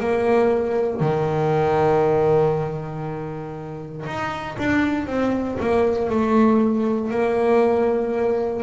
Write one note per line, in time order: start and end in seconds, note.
0.00 1.01 A#3
1.01 4.06 D#3
4.06 4.57 D#4
4.59 5.07 D4
5.07 5.58 C4
5.60 6.10 A#3
6.10 7.11 A3
7.11 8.63 A#3